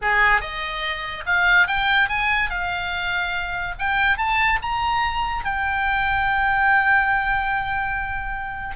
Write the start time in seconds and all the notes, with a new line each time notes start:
0.01 G#4
0.40 D#5
1.26 F5
1.67 G5
2.08 G#5
2.49 F5
3.78 G5
4.17 A5
4.62 A#5
5.44 G5